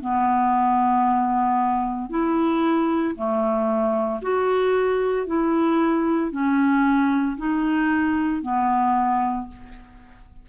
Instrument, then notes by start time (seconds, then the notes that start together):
clarinet
0.00 B3
2.09 E4
3.15 A3
4.22 F#4
5.26 E4
6.31 C#4
7.37 D#4
8.42 B3